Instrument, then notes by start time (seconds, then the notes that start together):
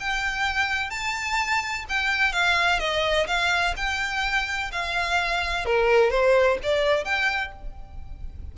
violin
0.00 G5
0.91 A5
1.89 G5
2.33 F5
2.80 D#5
3.27 F5
3.77 G5
4.72 F5
5.66 A#4
6.11 C5
6.63 D5
7.05 G5